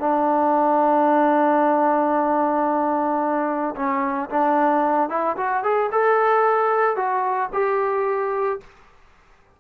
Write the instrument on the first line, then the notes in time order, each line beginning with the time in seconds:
trombone
0.00 D4
3.75 C#4
4.30 D4
5.09 E4
5.37 F#4
5.63 G#4
5.92 A4
6.96 F#4
7.53 G4